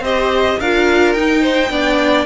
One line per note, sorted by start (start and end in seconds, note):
0.00 0.56 C4
0.00 0.61 G4
0.00 0.59 C5
0.00 0.61 D#5
0.60 1.16 D4
0.60 1.17 F4
0.60 1.42 A#4
0.60 1.13 F5
1.13 1.70 D#4
1.13 1.72 D#4
1.13 2.25 G5
1.42 1.70 C5
1.70 2.26 B3
1.70 2.26 D4
1.70 2.26 D5